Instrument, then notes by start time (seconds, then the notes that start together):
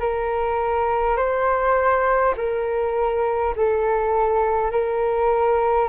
flute
0.00 A#4
1.17 C5
2.36 A#4
3.56 A4
4.71 A#4